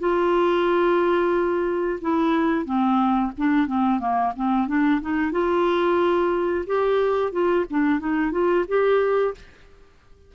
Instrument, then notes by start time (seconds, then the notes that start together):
clarinet
0.00 F4
2.02 E4
2.66 C4
3.38 D4
3.67 C4
4.00 A#3
4.36 C4
4.68 D4
5.02 D#4
5.32 F4
6.67 G4
7.32 F4
7.71 D4
8.00 D#4
8.32 F4
8.68 G4